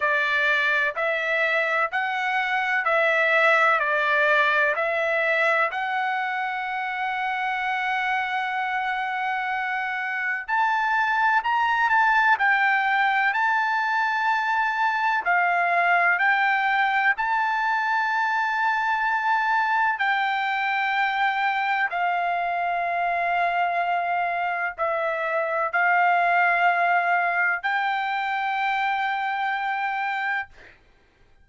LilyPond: \new Staff \with { instrumentName = "trumpet" } { \time 4/4 \tempo 4 = 63 d''4 e''4 fis''4 e''4 | d''4 e''4 fis''2~ | fis''2. a''4 | ais''8 a''8 g''4 a''2 |
f''4 g''4 a''2~ | a''4 g''2 f''4~ | f''2 e''4 f''4~ | f''4 g''2. | }